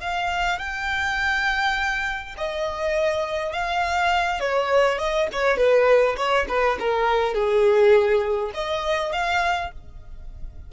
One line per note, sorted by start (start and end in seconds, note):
0.00 0.59 F5
0.59 2.35 G5
2.37 3.53 D#5
3.53 4.40 F5
4.40 4.98 C#5
4.98 5.28 D#5
5.32 5.57 C#5
5.57 6.16 B4
6.17 6.46 C#5
6.48 6.78 B4
6.79 7.34 A#4
7.34 8.52 G#4
8.54 9.12 D#5
9.12 9.71 F5